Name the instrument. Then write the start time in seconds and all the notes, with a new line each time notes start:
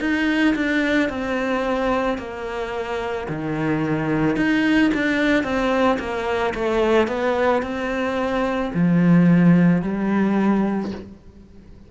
cello
0.00 D#4
0.55 D4
1.09 C4
2.18 A#3
3.28 D#3
4.36 D#4
4.93 D4
5.43 C4
5.99 A#3
6.54 A3
7.07 B3
7.62 C4
8.73 F3
9.82 G3